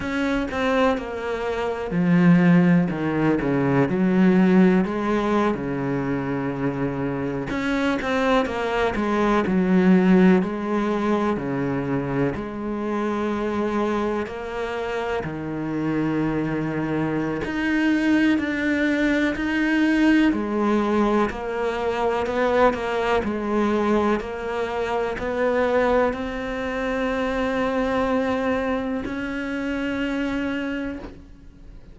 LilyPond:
\new Staff \with { instrumentName = "cello" } { \time 4/4 \tempo 4 = 62 cis'8 c'8 ais4 f4 dis8 cis8 | fis4 gis8. cis2 cis'16~ | cis'16 c'8 ais8 gis8 fis4 gis4 cis16~ | cis8. gis2 ais4 dis16~ |
dis2 dis'4 d'4 | dis'4 gis4 ais4 b8 ais8 | gis4 ais4 b4 c'4~ | c'2 cis'2 | }